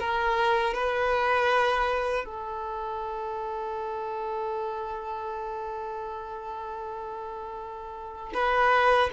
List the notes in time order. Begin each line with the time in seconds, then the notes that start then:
0.00 A#4
0.74 B4
2.25 A4
8.34 B4